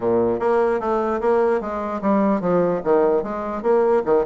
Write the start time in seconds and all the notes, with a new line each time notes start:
0.00 A#2
0.39 A#3
0.80 A3
1.20 A#3
1.60 G#3
2.01 G3
2.41 F3
2.84 D#3
3.23 G#3
3.62 A#3
4.05 D#3